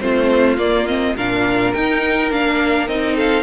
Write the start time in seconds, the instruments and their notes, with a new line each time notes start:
0.00 cello A3, viola C4, violin F4 C5
0.57 cello A#3, viola A#3, violin D5
0.87 viola C4, violin D#5
1.16 cello A#2, viola D4, violin A#4 F5
1.74 cello D#4, viola D#4, violin G5
2.31 cello A#3, viola D4, violin F5
2.88 cello C4, viola D#4, violin D#5
3.16 violin A4 F5